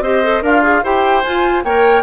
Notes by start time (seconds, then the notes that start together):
0.00 C4 G4 C5 D#5
0.23 A4
0.42 D4 F4 A#4 F5
0.62 G#4
0.84 E4 G4 C5 G5
1.22 F4 G#5
1.64 A#3 A#4 C#5 G5